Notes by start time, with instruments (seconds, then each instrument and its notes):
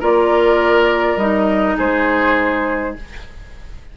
0.00 bassoon A#3, clarinet F4, oboe A#4, flute D5
1.17 bassoon G3, clarinet D#4, flute D#5
1.77 bassoon G#3, oboe G#4, flute C5